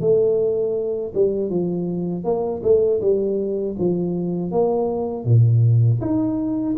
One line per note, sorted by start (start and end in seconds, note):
0.00 1.12 A3
1.14 1.50 G3
1.50 2.24 F3
2.24 2.62 A#3
2.63 3.01 A3
3.01 3.76 G3
3.79 4.52 F3
4.52 5.25 A#3
5.25 6.00 A#2
6.01 6.76 D#4